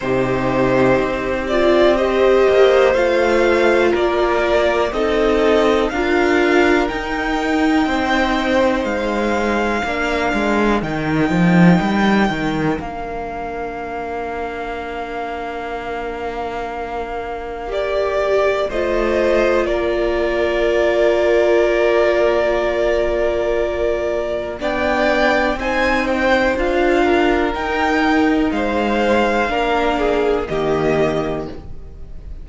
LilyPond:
<<
  \new Staff \with { instrumentName = "violin" } { \time 4/4 \tempo 4 = 61 c''4. d''8 dis''4 f''4 | d''4 dis''4 f''4 g''4~ | g''4 f''2 g''4~ | g''4 f''2.~ |
f''2 d''4 dis''4 | d''1~ | d''4 g''4 gis''8 g''8 f''4 | g''4 f''2 dis''4 | }
  \new Staff \with { instrumentName = "violin" } { \time 4/4 g'2 c''2 | ais'4 a'4 ais'2 | c''2 ais'2~ | ais'1~ |
ais'2. c''4 | ais'1~ | ais'4 d''4 c''4. ais'8~ | ais'4 c''4 ais'8 gis'8 g'4 | }
  \new Staff \with { instrumentName = "viola" } { \time 4/4 dis'4. f'8 g'4 f'4~ | f'4 dis'4 f'4 dis'4~ | dis'2 d'4 dis'4~ | dis'4 d'2.~ |
d'2 g'4 f'4~ | f'1~ | f'4 d'4 dis'4 f'4 | dis'2 d'4 ais4 | }
  \new Staff \with { instrumentName = "cello" } { \time 4/4 c4 c'4. ais8 a4 | ais4 c'4 d'4 dis'4 | c'4 gis4 ais8 gis8 dis8 f8 | g8 dis8 ais2.~ |
ais2. a4 | ais1~ | ais4 b4 c'4 d'4 | dis'4 gis4 ais4 dis4 | }
>>